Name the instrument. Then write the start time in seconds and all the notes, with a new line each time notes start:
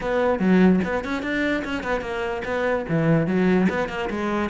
cello
0.01 B3
0.39 F#3
0.84 B3
1.04 C#4
1.22 D4
1.64 C#4
1.83 B3
2.01 A#3
2.45 B3
2.88 E3
3.27 F#3
3.69 B3
3.88 A#3
4.10 G#3